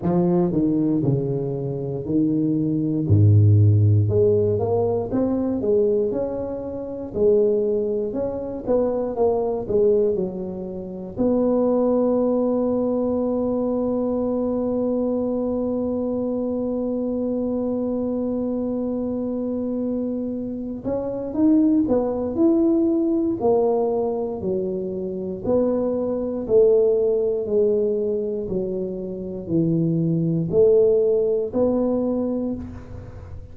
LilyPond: \new Staff \with { instrumentName = "tuba" } { \time 4/4 \tempo 4 = 59 f8 dis8 cis4 dis4 gis,4 | gis8 ais8 c'8 gis8 cis'4 gis4 | cis'8 b8 ais8 gis8 fis4 b4~ | b1~ |
b1~ | b8 cis'8 dis'8 b8 e'4 ais4 | fis4 b4 a4 gis4 | fis4 e4 a4 b4 | }